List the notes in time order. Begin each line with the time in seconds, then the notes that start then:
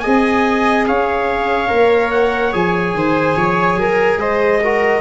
0.00 C4 G#4 D#5 G#5
0.87 C#4 C#5 F5
1.68 A#3 A#4
2.11 F#5
2.52 F3 G#4 G#5
2.94 D#3 C5
3.36 F3 C#5
3.76 F#3 A#4
4.17 G#3 C5 D#5
4.63 F#4 A#4